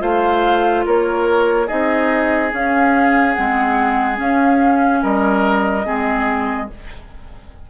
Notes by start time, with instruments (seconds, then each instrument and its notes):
0.00 bassoon A3, clarinet F4, oboe C5, flute F5
0.86 bassoon A#3, oboe A#4, flute C#5
1.67 bassoon C4, clarinet D#4, oboe G#4, flute D#5
2.51 clarinet C#4, bassoon C#4, flute F5
3.34 bassoon G#3, clarinet C4, flute F#5
4.15 clarinet C#4, bassoon C#4, flute F5
5.03 bassoon G3, oboe A#4, flute D#5
5.85 bassoon G#3, clarinet C4, oboe G#4